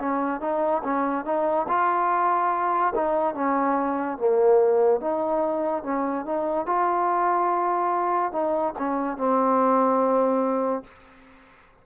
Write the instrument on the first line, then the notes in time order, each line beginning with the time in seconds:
trombone
0.00 C#4
0.41 D#4
0.84 C#4
1.25 D#4
1.69 F4
2.95 D#4
3.35 C#4
4.18 A#3
5.01 D#4
5.84 C#4
6.26 D#4
6.66 F4
8.33 D#4
8.79 C#4
9.18 C4